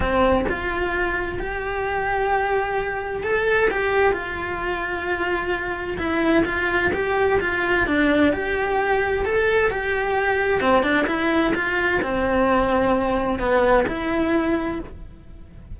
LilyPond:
\new Staff \with { instrumentName = "cello" } { \time 4/4 \tempo 4 = 130 c'4 f'2 g'4~ | g'2. a'4 | g'4 f'2.~ | f'4 e'4 f'4 g'4 |
f'4 d'4 g'2 | a'4 g'2 c'8 d'8 | e'4 f'4 c'2~ | c'4 b4 e'2 | }